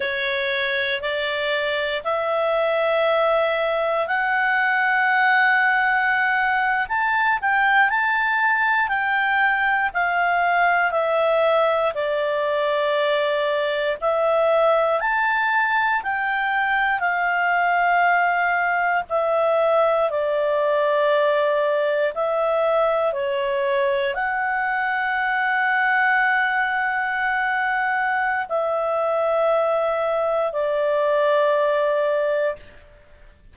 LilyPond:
\new Staff \with { instrumentName = "clarinet" } { \time 4/4 \tempo 4 = 59 cis''4 d''4 e''2 | fis''2~ fis''8. a''8 g''8 a''16~ | a''8. g''4 f''4 e''4 d''16~ | d''4.~ d''16 e''4 a''4 g''16~ |
g''8. f''2 e''4 d''16~ | d''4.~ d''16 e''4 cis''4 fis''16~ | fis''1 | e''2 d''2 | }